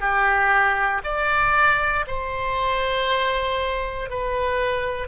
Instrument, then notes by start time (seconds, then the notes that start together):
oboe
0.00 G4
1.03 D5
2.07 C5
4.10 B4